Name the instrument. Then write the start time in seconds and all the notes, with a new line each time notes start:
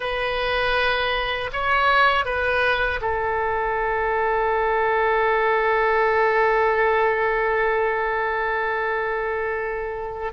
oboe
0.00 B4
1.52 C#5
2.25 B4
3.01 A4